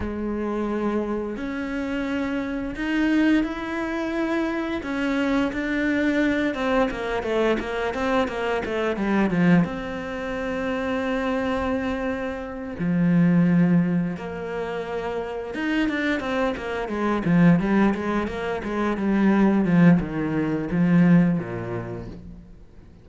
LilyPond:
\new Staff \with { instrumentName = "cello" } { \time 4/4 \tempo 4 = 87 gis2 cis'2 | dis'4 e'2 cis'4 | d'4. c'8 ais8 a8 ais8 c'8 | ais8 a8 g8 f8 c'2~ |
c'2~ c'8 f4.~ | f8 ais2 dis'8 d'8 c'8 | ais8 gis8 f8 g8 gis8 ais8 gis8 g8~ | g8 f8 dis4 f4 ais,4 | }